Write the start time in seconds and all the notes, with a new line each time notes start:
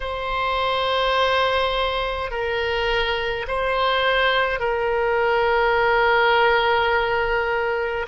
0.00 C5
2.30 A#4
3.47 C5
4.59 A#4